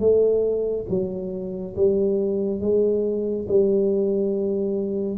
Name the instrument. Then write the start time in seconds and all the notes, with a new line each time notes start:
tuba
0.00 A3
0.90 F#3
1.76 G3
2.61 G#3
3.49 G3